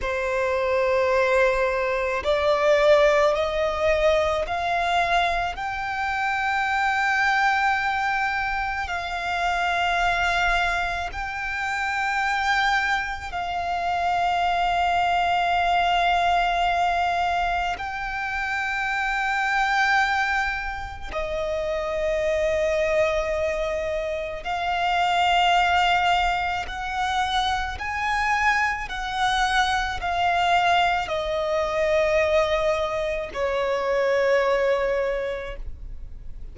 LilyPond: \new Staff \with { instrumentName = "violin" } { \time 4/4 \tempo 4 = 54 c''2 d''4 dis''4 | f''4 g''2. | f''2 g''2 | f''1 |
g''2. dis''4~ | dis''2 f''2 | fis''4 gis''4 fis''4 f''4 | dis''2 cis''2 | }